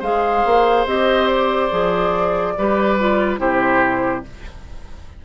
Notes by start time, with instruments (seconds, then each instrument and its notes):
0.00 bassoon G#3, clarinet G#4, oboe C5, flute F5
0.46 bassoon A#3
0.86 bassoon C4, clarinet G4, flute D#5
1.28 flute D5
1.71 bassoon F3, clarinet G#4
2.58 bassoon G3, clarinet G4, oboe B4
3.00 clarinet F4
3.38 bassoon C3, clarinet E4, oboe G4, flute C5